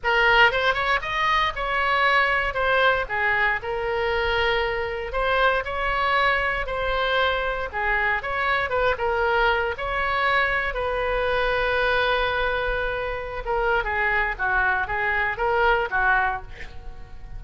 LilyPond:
\new Staff \with { instrumentName = "oboe" } { \time 4/4 \tempo 4 = 117 ais'4 c''8 cis''8 dis''4 cis''4~ | cis''4 c''4 gis'4 ais'4~ | ais'2 c''4 cis''4~ | cis''4 c''2 gis'4 |
cis''4 b'8 ais'4. cis''4~ | cis''4 b'2.~ | b'2~ b'16 ais'8. gis'4 | fis'4 gis'4 ais'4 fis'4 | }